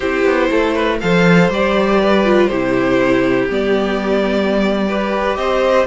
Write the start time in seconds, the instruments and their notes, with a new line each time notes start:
0.00 cello C4, viola E4, violin G4 C5
0.24 cello B3
0.50 cello A3, violin A4
0.73 violin B4
1.00 cello F3, viola A4, violin C5 F5
1.48 cello G3, viola G4, violin D5
2.01 violin B4
2.24 viola F4
2.46 cello C3, viola E4, violin G4 C5
3.49 cello G3, viola B3, violin D5
4.88 viola G4, violin B4
5.35 cello C4, violin C5 D#5